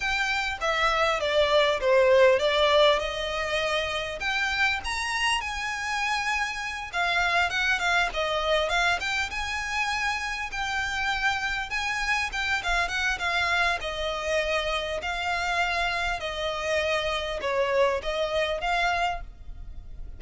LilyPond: \new Staff \with { instrumentName = "violin" } { \time 4/4 \tempo 4 = 100 g''4 e''4 d''4 c''4 | d''4 dis''2 g''4 | ais''4 gis''2~ gis''8 f''8~ | f''8 fis''8 f''8 dis''4 f''8 g''8 gis''8~ |
gis''4. g''2 gis''8~ | gis''8 g''8 f''8 fis''8 f''4 dis''4~ | dis''4 f''2 dis''4~ | dis''4 cis''4 dis''4 f''4 | }